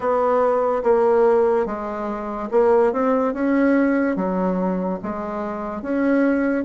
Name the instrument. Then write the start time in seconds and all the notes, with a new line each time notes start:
bassoon
0.00 B3
0.83 A#3
1.66 G#3
2.51 A#3
2.92 C4
3.33 C#4
4.16 F#3
5.02 G#3
5.81 C#4